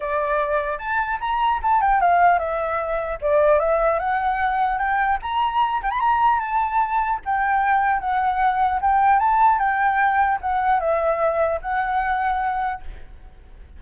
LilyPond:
\new Staff \with { instrumentName = "flute" } { \time 4/4 \tempo 4 = 150 d''2 a''4 ais''4 | a''8 g''8 f''4 e''2 | d''4 e''4 fis''2 | g''4 ais''4. g''16 b''16 ais''4 |
a''2 g''2 | fis''2 g''4 a''4 | g''2 fis''4 e''4~ | e''4 fis''2. | }